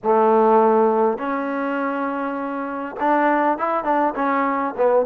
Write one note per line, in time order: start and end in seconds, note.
0.03 1.17 A3
1.17 2.96 C#4
3.00 3.58 D4
3.58 3.84 E4
3.84 4.13 D4
4.15 4.74 C#4
4.77 5.05 B3